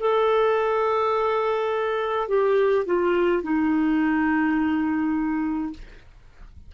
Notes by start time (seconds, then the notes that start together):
0.00 A4
2.28 G4
2.85 F4
3.43 D#4